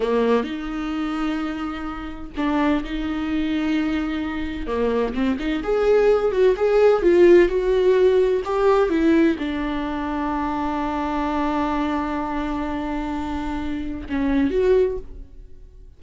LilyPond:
\new Staff \with { instrumentName = "viola" } { \time 4/4 \tempo 4 = 128 ais4 dis'2.~ | dis'4 d'4 dis'2~ | dis'2 ais4 c'8 dis'8 | gis'4. fis'8 gis'4 f'4 |
fis'2 g'4 e'4 | d'1~ | d'1~ | d'2 cis'4 fis'4 | }